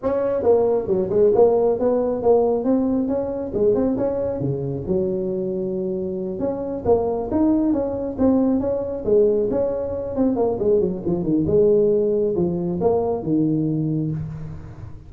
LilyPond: \new Staff \with { instrumentName = "tuba" } { \time 4/4 \tempo 4 = 136 cis'4 ais4 fis8 gis8 ais4 | b4 ais4 c'4 cis'4 | gis8 c'8 cis'4 cis4 fis4~ | fis2~ fis8 cis'4 ais8~ |
ais8 dis'4 cis'4 c'4 cis'8~ | cis'8 gis4 cis'4. c'8 ais8 | gis8 fis8 f8 dis8 gis2 | f4 ais4 dis2 | }